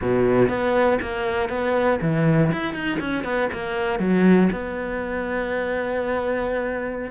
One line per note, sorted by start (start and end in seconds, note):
0.01 0.48 B2
0.48 0.98 B3
1.01 1.49 A#3
1.49 1.99 B3
2.01 2.51 E3
2.52 2.73 E4
2.73 2.98 D#4
3.00 3.24 C#4
3.24 3.49 B3
3.52 3.99 A#3
3.99 4.49 F#3
4.52 7.11 B3